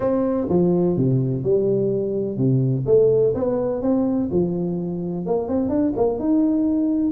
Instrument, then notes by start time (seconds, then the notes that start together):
tuba
0.00 C4
0.49 F3
0.96 C3
1.43 G3
2.37 C3
2.85 A3
3.34 B3
3.82 C4
4.31 F3
5.26 A#3
5.48 C4
5.69 D4
5.96 A#3
6.19 D#4